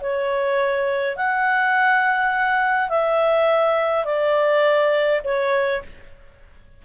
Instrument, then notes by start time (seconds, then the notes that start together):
clarinet
0.00 C#5
1.16 F#5
2.89 E5
4.05 D5
5.24 C#5